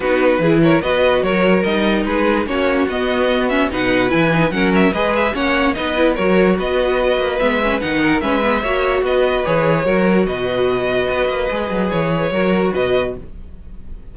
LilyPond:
<<
  \new Staff \with { instrumentName = "violin" } { \time 4/4 \tempo 4 = 146 b'4. cis''8 dis''4 cis''4 | dis''4 b'4 cis''4 dis''4~ | dis''8 e''8 fis''4 gis''4 fis''8 e''8 | dis''8 e''8 fis''4 dis''4 cis''4 |
dis''2 e''4 fis''4 | e''2 dis''4 cis''4~ | cis''4 dis''2.~ | dis''4 cis''2 dis''4 | }
  \new Staff \with { instrumentName = "violin" } { \time 4/4 fis'4 gis'8 ais'8 b'4 ais'4~ | ais'4 gis'4 fis'2~ | fis'4 b'2 ais'4 | b'4 cis''4 b'4 ais'4 |
b'2.~ b'8 ais'8 | b'4 cis''4 b'2 | ais'4 b'2.~ | b'2 ais'4 b'4 | }
  \new Staff \with { instrumentName = "viola" } { \time 4/4 dis'4 e'4 fis'2 | dis'2 cis'4 b4~ | b8 cis'8 dis'4 e'8 dis'8 cis'4 | gis'4 cis'4 dis'8 e'8 fis'4~ |
fis'2 b8 cis'8 dis'4 | cis'8 b8 fis'2 gis'4 | fis'1 | gis'2 fis'2 | }
  \new Staff \with { instrumentName = "cello" } { \time 4/4 b4 e4 b4 fis4 | g4 gis4 ais4 b4~ | b4 b,4 e4 fis4 | gis4 ais4 b4 fis4 |
b4. ais8 gis4 dis4 | gis4 ais4 b4 e4 | fis4 b,2 b8 ais8 | gis8 fis8 e4 fis4 b,4 | }
>>